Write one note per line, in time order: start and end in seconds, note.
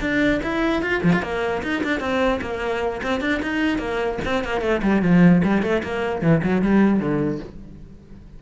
0.00 0.40 D4
0.42 0.82 E4
0.82 1.02 F4
1.03 1.12 F3
1.12 1.22 F4
1.22 1.62 A#3
1.62 1.82 D#4
1.83 1.99 D4
1.99 2.39 C4
2.41 3.01 A#3
3.02 3.20 C4
3.20 3.40 D4
3.42 3.78 D#4
3.78 4.18 A#3
4.24 4.44 C4
4.44 4.61 A#3
4.61 4.81 A3
4.82 5.01 G3
5.01 5.41 F3
5.43 5.62 G3
5.62 5.82 A3
5.83 6.21 A#3
6.21 6.41 E3
6.43 6.62 F#3
6.62 6.99 G3
6.99 7.39 D3